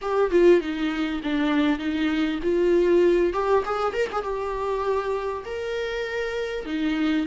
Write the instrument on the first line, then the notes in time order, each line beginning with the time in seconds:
viola
0.01 G4
0.30 F4
0.60 D#4
1.23 D4
1.79 D#4
2.42 F4
3.33 G4
3.65 G#4
3.93 A#4
4.12 G#4
4.22 G4
5.45 A#4
6.65 D#4